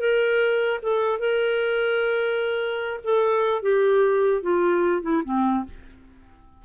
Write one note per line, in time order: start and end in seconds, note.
0.00 0.81 A#4
0.83 1.19 A4
1.19 3.01 A#4
3.04 3.63 A4
3.63 4.43 G4
4.43 5.03 F4
5.03 5.23 E4
5.25 5.65 C4